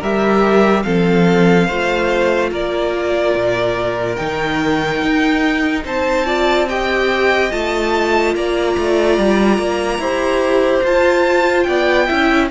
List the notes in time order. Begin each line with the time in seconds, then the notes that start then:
0.00 G3 G4 A#4 E5
0.83 F3 C4 A4 F5
1.67 A3 F4 C5
2.51 A#3 A#4 D5
3.35 A#2
4.16 D#3 D#4 G5
5.02 D#4
5.85 C4 C5 A5
6.26 F4 D5
6.69 G4 D#5 G5
7.51 A3 F4 A5
8.35 A#3 D5 A#5
8.77 A3
9.18 G3
9.59 A#3
9.99 E4 G4 C5
10.84 F4 A5
11.64 B3 D5 G5
12.07 C#4 E4 E5